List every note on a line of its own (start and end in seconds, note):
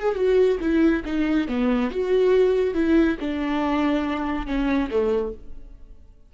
0.00 0.16 G#4
0.16 0.58 F#4
0.61 1.03 E4
1.05 1.48 D#4
1.48 1.91 B3
1.91 2.74 F#4
2.74 3.17 E4
3.20 4.47 D4
4.47 4.90 C#4
4.91 5.34 A3